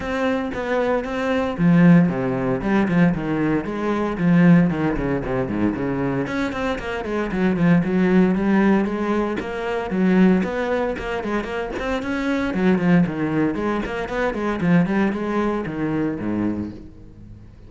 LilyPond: \new Staff \with { instrumentName = "cello" } { \time 4/4 \tempo 4 = 115 c'4 b4 c'4 f4 | c4 g8 f8 dis4 gis4 | f4 dis8 cis8 c8 gis,8 cis4 | cis'8 c'8 ais8 gis8 fis8 f8 fis4 |
g4 gis4 ais4 fis4 | b4 ais8 gis8 ais8 c'8 cis'4 | fis8 f8 dis4 gis8 ais8 b8 gis8 | f8 g8 gis4 dis4 gis,4 | }